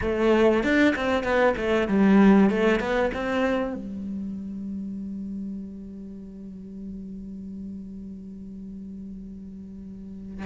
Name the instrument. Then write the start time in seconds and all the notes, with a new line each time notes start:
cello
0.01 A3
0.63 D4
0.95 C4
1.23 B3
1.56 A3
1.88 G3
2.49 A3
2.80 B3
3.13 C4
3.74 G3